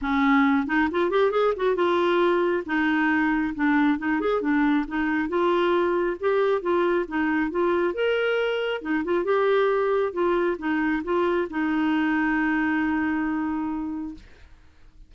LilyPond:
\new Staff \with { instrumentName = "clarinet" } { \time 4/4 \tempo 4 = 136 cis'4. dis'8 f'8 g'8 gis'8 fis'8 | f'2 dis'2 | d'4 dis'8 gis'8 d'4 dis'4 | f'2 g'4 f'4 |
dis'4 f'4 ais'2 | dis'8 f'8 g'2 f'4 | dis'4 f'4 dis'2~ | dis'1 | }